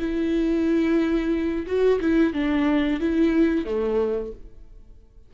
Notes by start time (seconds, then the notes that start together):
0.00 E4
1.67 F#4
2.01 E4
2.34 D4
3.01 E4
3.66 A3